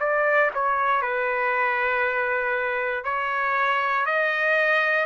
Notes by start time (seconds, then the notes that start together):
0.00 D5
0.55 C#5
1.02 B4
3.05 C#5
4.06 D#5